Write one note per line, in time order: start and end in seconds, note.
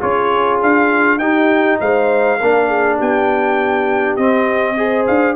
0.00 0.62 C#4
0.00 1.20 F4
0.00 1.19 G#4
0.00 0.61 C#5
0.62 1.18 D4
0.62 1.19 F5
1.18 1.77 D#4
1.18 2.40 D#4
1.18 1.79 G4
1.18 1.78 G5
1.80 2.40 G#3
1.80 2.38 C5
1.80 2.99 F5
2.38 3.01 A#3
2.38 4.19 D4
2.38 2.68 A#4
2.68 2.97 G#4
2.97 4.18 B3
2.97 4.75 G4
2.97 4.16 G5
4.16 5.07 C4
4.16 4.77 C4
4.16 5.05 D#5
4.77 5.36 G#4
4.77 5.36 C5
5.07 5.36 D4
5.07 5.36 F5